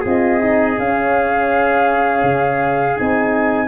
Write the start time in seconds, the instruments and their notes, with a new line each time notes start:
0.00 tuba C4, horn F4, trumpet G#4
0.07 flute D#5
0.40 horn D#4
0.77 horn C#4, tuba C#4, flute F5
2.22 tuba C#3
2.96 tuba C4, horn D#4, flute G#5